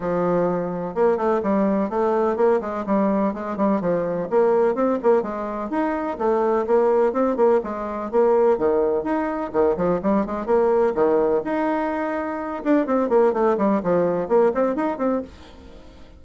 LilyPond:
\new Staff \with { instrumentName = "bassoon" } { \time 4/4 \tempo 4 = 126 f2 ais8 a8 g4 | a4 ais8 gis8 g4 gis8 g8 | f4 ais4 c'8 ais8 gis4 | dis'4 a4 ais4 c'8 ais8 |
gis4 ais4 dis4 dis'4 | dis8 f8 g8 gis8 ais4 dis4 | dis'2~ dis'8 d'8 c'8 ais8 | a8 g8 f4 ais8 c'8 dis'8 c'8 | }